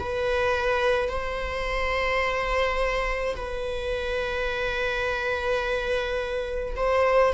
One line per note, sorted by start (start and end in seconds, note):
0.00 1.10 B4
1.10 3.36 C5
3.37 6.76 B4
6.77 7.33 C5